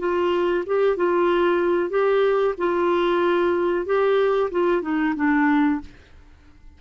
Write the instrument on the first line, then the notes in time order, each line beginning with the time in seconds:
clarinet
0.00 F4
0.67 G4
0.97 F4
1.90 G4
2.58 F4
3.86 G4
4.51 F4
4.82 D#4
5.16 D4